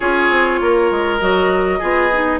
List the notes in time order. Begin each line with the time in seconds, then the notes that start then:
0.00 C#4 F4 G#4 C#5
0.30 C4
0.60 A#3 A#4
0.90 G#3
1.20 F#3 F#4 D#5
1.79 B3 F4 G#4
2.12 D#4